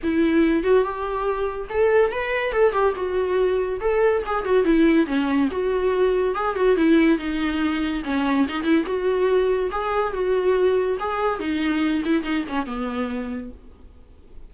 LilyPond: \new Staff \with { instrumentName = "viola" } { \time 4/4 \tempo 4 = 142 e'4. fis'8 g'2 | a'4 b'4 a'8 g'8 fis'4~ | fis'4 a'4 gis'8 fis'8 e'4 | cis'4 fis'2 gis'8 fis'8 |
e'4 dis'2 cis'4 | dis'8 e'8 fis'2 gis'4 | fis'2 gis'4 dis'4~ | dis'8 e'8 dis'8 cis'8 b2 | }